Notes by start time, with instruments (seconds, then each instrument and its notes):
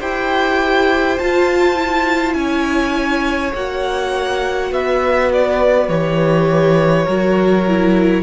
0.00 cello E4, viola G4, violin C5 G5
1.19 viola F4, cello F4, violin A5
1.75 viola E4
2.34 cello C#4, violin C#5 G#5
3.55 cello A#3, viola F#4, violin F#5
4.72 cello B3, violin B4 E5
5.33 violin D5
5.89 cello E3, viola G4, violin C#5
7.06 cello F#3, viola F#4, violin A#4
7.68 viola E4